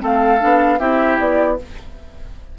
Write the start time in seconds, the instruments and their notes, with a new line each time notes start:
0.00 bassoon A3, clarinet C4, oboe A4, flute F5
0.40 bassoon B3, clarinet D4
0.80 bassoon C4, clarinet E4, oboe G4, flute E5
1.19 bassoon B3, flute D5